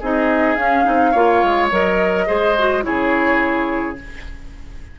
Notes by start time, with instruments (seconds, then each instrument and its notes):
0.00 bassoon C4, clarinet D#4, oboe G#4, flute D#5
0.55 bassoon C#4, clarinet C#4, flute F5
0.85 bassoon C4, clarinet D#4
1.12 bassoon A#3, clarinet F4, oboe C#5
1.44 bassoon G#3
1.72 bassoon F#3, clarinet A#4, flute D#5
2.28 bassoon G#3, clarinet G#4, oboe C5
2.59 clarinet F#4
2.83 bassoon C#3, clarinet E4, oboe G#4, flute C#5